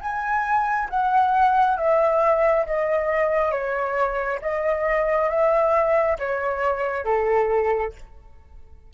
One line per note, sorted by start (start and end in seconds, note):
0.00 0.88 G#5
0.89 1.77 F#5
1.77 2.65 E5
2.66 3.51 D#5
3.51 4.40 C#5
4.41 5.29 D#5
5.29 6.17 E5
6.18 7.04 C#5
7.04 7.93 A4